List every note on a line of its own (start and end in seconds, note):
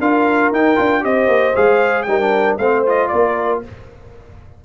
0.00 0.52 D4
0.00 0.54 F4
0.00 1.04 A#4
0.00 0.53 F5
0.52 0.78 D#4
0.52 0.76 D#4
0.52 1.05 G5
0.76 1.04 D4
0.76 1.01 F4
1.01 1.28 C4
1.01 1.53 G4
1.01 2.09 C5
1.01 1.56 D#5
1.28 1.54 A#3
1.56 2.08 G#3
1.56 2.07 G#4
1.56 2.03 F5
2.03 2.59 G3
2.03 2.21 D#4
2.03 2.55 G5
2.10 2.60 A#4
2.21 2.59 D4
2.58 3.11 A3
2.58 2.87 C4
2.58 3.11 C5
2.58 2.84 F5
2.87 3.64 F4
2.87 3.08 D#5
3.08 3.65 A#3
3.08 3.64 A#4
3.08 3.60 D5